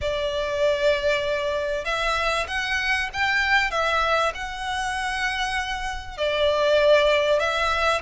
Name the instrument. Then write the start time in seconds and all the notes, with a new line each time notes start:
violin
0.01 D5
1.84 E5
2.47 F#5
3.13 G5
3.70 E5
4.34 F#5
6.17 D5
7.39 E5